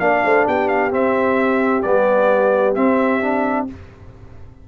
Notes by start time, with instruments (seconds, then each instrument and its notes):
0.00 tuba A#3, trombone D4, horn D5, trumpet F5
0.25 tuba A3, horn C5
0.47 tuba B3, horn G4, trumpet G5
0.68 trumpet F5
0.91 trombone C4, tuba C4, trumpet E5
1.83 tuba G3, trombone B3, trumpet D5
2.75 trombone C4, tuba C4, trumpet E5
3.22 trombone D4